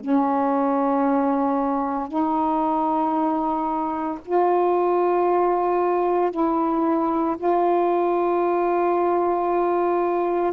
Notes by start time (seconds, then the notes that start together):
0.00 C#4
2.08 D#4
4.25 F4
6.31 E4
7.37 F4